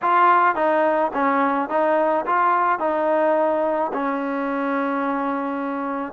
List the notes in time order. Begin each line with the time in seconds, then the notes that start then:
0.02 F4
0.55 D#4
1.13 C#4
1.69 D#4
2.26 F4
2.79 D#4
3.93 C#4